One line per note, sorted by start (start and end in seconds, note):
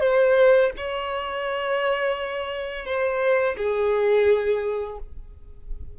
0.00 0.71 C5
0.77 2.85 C#5
2.85 3.56 C5
3.57 4.98 G#4